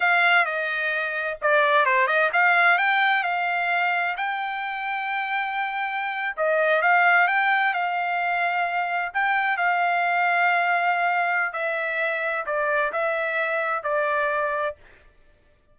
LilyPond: \new Staff \with { instrumentName = "trumpet" } { \time 4/4 \tempo 4 = 130 f''4 dis''2 d''4 | c''8 dis''8 f''4 g''4 f''4~ | f''4 g''2.~ | g''4.~ g''16 dis''4 f''4 g''16~ |
g''8. f''2. g''16~ | g''8. f''2.~ f''16~ | f''4 e''2 d''4 | e''2 d''2 | }